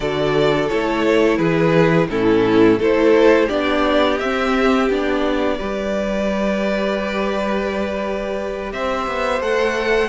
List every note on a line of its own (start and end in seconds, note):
0.00 0.69 D3
0.00 0.70 F#4
0.00 1.37 A4
0.00 0.68 D5
0.68 1.38 A3
0.68 2.09 E4
0.68 1.37 C#5
1.37 2.08 E3
1.37 2.07 G#4
1.37 2.07 B4
2.09 2.78 A2
2.09 2.79 C#4
2.09 2.79 E4
2.09 2.80 A4
2.78 3.48 A3
2.78 3.49 E4
2.78 3.46 A4
2.78 3.49 C5
3.46 4.20 B3
3.46 4.19 D4
3.46 5.55 G4
3.46 4.18 D5
4.18 4.89 C4
4.18 4.90 C4
4.18 4.88 E5
4.89 5.59 B3
4.89 5.59 D4
4.89 8.72 D5
5.58 8.72 G3
5.58 9.42 G4
5.58 8.72 B4
8.72 9.06 C4
8.72 10.08 C5
8.72 9.42 E5
9.06 9.40 B3
9.40 10.08 A3
9.40 10.08 A4
9.40 10.08 F#5